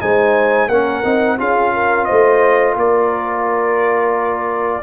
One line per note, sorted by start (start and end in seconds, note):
0.00 0.68 G#3
0.00 0.69 D#4
0.00 0.68 C5
0.00 0.68 G#5
0.68 1.02 A#3
0.68 1.03 C#4
0.68 1.37 A#4
0.68 1.37 F#5
1.03 1.39 C4
1.03 1.38 D#4
1.38 2.08 C#4
1.38 4.82 F4
1.38 1.72 G#4
1.38 2.05 F5
1.73 2.06 A#4
2.05 2.73 C5
2.05 2.74 D#5
2.11 2.75 A3
2.73 4.82 A#3
2.73 4.80 A#4
2.73 4.82 D5